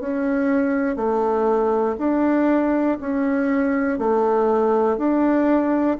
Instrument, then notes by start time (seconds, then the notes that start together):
bassoon
0.00 C#4
0.96 A3
1.99 D4
3.00 C#4
3.99 A3
4.97 D4